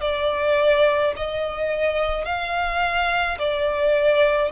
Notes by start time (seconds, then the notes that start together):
0.00 D5
1.16 D#5
2.25 F5
3.39 D5